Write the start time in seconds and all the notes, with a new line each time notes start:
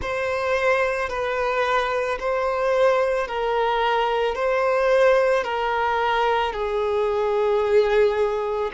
0.01 C5
1.09 B4
2.19 C5
3.27 A#4
4.35 C5
5.43 A#4
6.53 G#4